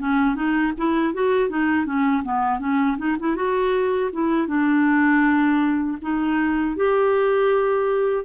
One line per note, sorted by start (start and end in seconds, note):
0.00 0.36 C#4
0.36 0.73 D#4
0.78 1.14 E4
1.14 1.50 F#4
1.50 1.86 D#4
1.86 2.24 C#4
2.24 2.60 B3
2.60 2.98 C#4
2.98 3.17 D#4
3.20 3.36 E4
3.36 4.11 F#4
4.13 4.48 E4
4.48 5.98 D4
6.02 6.77 D#4
6.77 8.25 G4